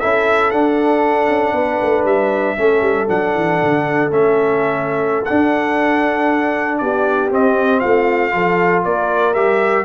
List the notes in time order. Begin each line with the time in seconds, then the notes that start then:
0.00 C#4 E4 A4 E5
0.50 D4 F#5
1.28 C#4
1.53 B3 B4
1.82 A3
2.04 G3 E5
2.57 A3 C#4 A4
2.81 G3
3.08 F#3 D4 F#5
3.35 E3
3.63 D3
4.10 A3 C#4 E5
5.25 D4 F#5
6.78 B3 G4 D5
7.30 C4 D#5
7.80 A3 F4 F5
8.31 F3 F4 A4
8.84 A#3 A#4 D5
9.34 G3 G4 E5